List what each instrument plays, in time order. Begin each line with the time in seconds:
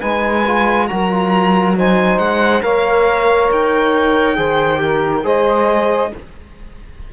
0.00 cello G#3, trombone D#4, saxophone B4, violin G#5
0.46 trombone F4
0.87 cello F#3, trombone F#4, saxophone A#4, violin A#5
1.10 trombone F4
1.76 trombone D#4, saxophone C5, violin G#5
2.18 cello G#3, violin F#5
2.61 cello A#3, trombone A#4, saxophone C#5, violin F5
3.51 cello D#4, violin G5
4.35 cello D#3, trombone G#4, saxophone C5
4.76 trombone G4, saxophone A#4
5.23 cello G#3, trombone G#4, saxophone C5, violin D#5